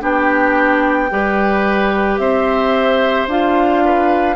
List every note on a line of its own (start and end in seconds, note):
0.00 1.11 B3
0.00 1.09 D4
0.00 1.11 G4
0.00 2.19 G5
1.10 2.19 G3
1.10 3.29 G4
1.10 2.21 B4
2.19 3.27 C4
2.19 3.84 C5
2.19 3.28 E5
3.27 4.36 D4
3.27 4.36 F4
3.27 4.36 F5
3.85 4.36 B4